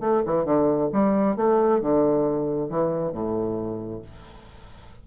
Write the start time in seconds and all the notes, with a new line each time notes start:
0.00 A3
0.26 E3
0.44 D3
0.92 G3
1.36 A3
1.81 D3
2.69 E3
3.12 A2